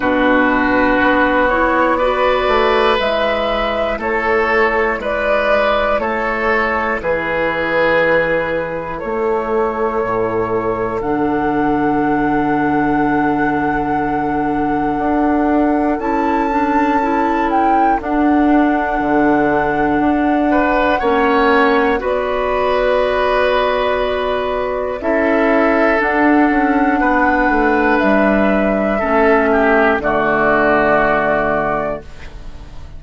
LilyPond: <<
  \new Staff \with { instrumentName = "flute" } { \time 4/4 \tempo 4 = 60 b'4. cis''8 d''4 e''4 | cis''4 d''4 cis''4 b'4~ | b'4 cis''2 fis''4~ | fis''1 |
a''4. g''8 fis''2~ | fis''2 d''2~ | d''4 e''4 fis''2 | e''2 d''2 | }
  \new Staff \with { instrumentName = "oboe" } { \time 4/4 fis'2 b'2 | a'4 b'4 a'4 gis'4~ | gis'4 a'2.~ | a'1~ |
a'1~ | a'8 b'8 cis''4 b'2~ | b'4 a'2 b'4~ | b'4 a'8 g'8 fis'2 | }
  \new Staff \with { instrumentName = "clarinet" } { \time 4/4 d'4. e'8 fis'4 e'4~ | e'1~ | e'2. d'4~ | d'1 |
e'8 d'8 e'4 d'2~ | d'4 cis'4 fis'2~ | fis'4 e'4 d'2~ | d'4 cis'4 a2 | }
  \new Staff \with { instrumentName = "bassoon" } { \time 4/4 b,4 b4. a8 gis4 | a4 gis4 a4 e4~ | e4 a4 a,4 d4~ | d2. d'4 |
cis'2 d'4 d4 | d'4 ais4 b2~ | b4 cis'4 d'8 cis'8 b8 a8 | g4 a4 d2 | }
>>